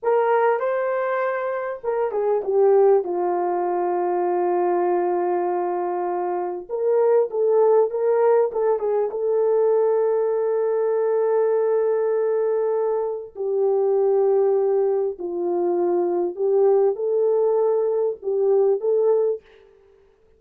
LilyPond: \new Staff \with { instrumentName = "horn" } { \time 4/4 \tempo 4 = 99 ais'4 c''2 ais'8 gis'8 | g'4 f'2.~ | f'2. ais'4 | a'4 ais'4 a'8 gis'8 a'4~ |
a'1~ | a'2 g'2~ | g'4 f'2 g'4 | a'2 g'4 a'4 | }